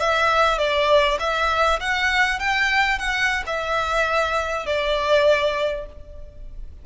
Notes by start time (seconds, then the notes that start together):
0.00 E5
0.58 D5
1.19 E5
1.80 F#5
2.39 G5
2.99 F#5
3.47 E5
4.66 D5